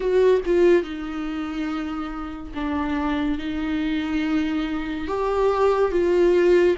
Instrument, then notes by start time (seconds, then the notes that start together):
viola
0.00 F#4
0.45 F4
0.83 D#4
2.54 D4
3.38 D#4
5.07 G4
5.91 F4